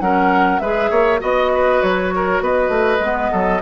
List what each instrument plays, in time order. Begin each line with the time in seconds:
0.00 bassoon F#3, clarinet C#4, oboe A#4, flute F#5
0.59 bassoon G#3, clarinet G#4, oboe B4, flute E5
0.90 bassoon A#3, oboe C#5
1.19 bassoon B3, clarinet F#4, oboe D#5, flute D#5
1.54 oboe B4
1.82 bassoon F#3, flute C#5
2.15 oboe A#4
2.41 bassoon B3, oboe B4, flute D#5
2.69 bassoon A3
2.99 bassoon G#3, clarinet B3
3.32 bassoon F#3, oboe A4